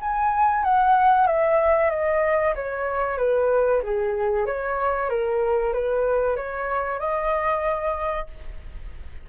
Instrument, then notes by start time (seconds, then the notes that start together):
flute
0.00 G#5
0.63 F#5
1.26 E5
1.90 D#5
2.55 C#5
3.17 B4
3.82 G#4
4.46 C#5
5.09 A#4
5.73 B4
6.36 C#5
6.99 D#5